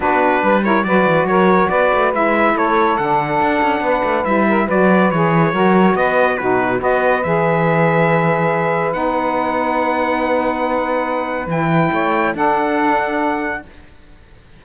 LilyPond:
<<
  \new Staff \with { instrumentName = "trumpet" } { \time 4/4 \tempo 4 = 141 b'4. cis''8 d''4 cis''4 | d''4 e''4 cis''4 fis''4~ | fis''2 e''4 d''4 | cis''2 dis''4 b'4 |
dis''4 e''2.~ | e''4 fis''2.~ | fis''2. g''4~ | g''4 fis''2. | }
  \new Staff \with { instrumentName = "saxophone" } { \time 4/4 fis'4 b'8 ais'8 b'4 ais'4 | b'2 a'2~ | a'4 b'4. ais'8 b'4~ | b'4 ais'4 b'4 fis'4 |
b'1~ | b'1~ | b'1 | cis''4 a'2. | }
  \new Staff \with { instrumentName = "saxophone" } { \time 4/4 d'4. e'8 fis'2~ | fis'4 e'2 d'4~ | d'2 e'4 fis'4 | gis'4 fis'2 dis'4 |
fis'4 gis'2.~ | gis'4 dis'2.~ | dis'2. e'4~ | e'4 d'2. | }
  \new Staff \with { instrumentName = "cello" } { \time 4/4 b4 g4 fis8 e8 fis4 | b8 a8 gis4 a4 d4 | d'8 cis'8 b8 a8 g4 fis4 | e4 fis4 b4 b,4 |
b4 e2.~ | e4 b2.~ | b2. e4 | a4 d'2. | }
>>